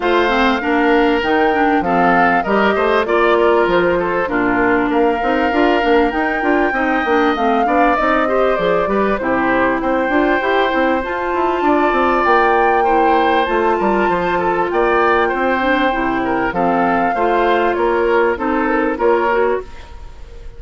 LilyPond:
<<
  \new Staff \with { instrumentName = "flute" } { \time 4/4 \tempo 4 = 98 f''2 g''4 f''4 | dis''4 d''4 c''4 ais'4 | f''2 g''2 | f''4 dis''4 d''4 c''4 |
g''2 a''2 | g''2 a''2 | g''2. f''4~ | f''4 cis''4 c''8 ais'8 cis''4 | }
  \new Staff \with { instrumentName = "oboe" } { \time 4/4 c''4 ais'2 a'4 | ais'8 c''8 d''8 ais'4 a'8 f'4 | ais'2. dis''4~ | dis''8 d''4 c''4 b'8 g'4 |
c''2. d''4~ | d''4 c''4. ais'8 c''8 a'8 | d''4 c''4. ais'8 a'4 | c''4 ais'4 a'4 ais'4 | }
  \new Staff \with { instrumentName = "clarinet" } { \time 4/4 f'8 c'8 d'4 dis'8 d'8 c'4 | g'4 f'2 d'4~ | d'8 dis'8 f'8 d'8 dis'8 f'8 dis'8 d'8 | c'8 d'8 dis'8 g'8 gis'8 g'8 e'4~ |
e'8 f'8 g'8 e'8 f'2~ | f'4 e'4 f'2~ | f'4. d'8 e'4 c'4 | f'2 dis'4 f'8 fis'8 | }
  \new Staff \with { instrumentName = "bassoon" } { \time 4/4 a4 ais4 dis4 f4 | g8 a8 ais4 f4 ais,4 | ais8 c'8 d'8 ais8 dis'8 d'8 c'8 ais8 | a8 b8 c'4 f8 g8 c4 |
c'8 d'8 e'8 c'8 f'8 e'8 d'8 c'8 | ais2 a8 g8 f4 | ais4 c'4 c4 f4 | a4 ais4 c'4 ais4 | }
>>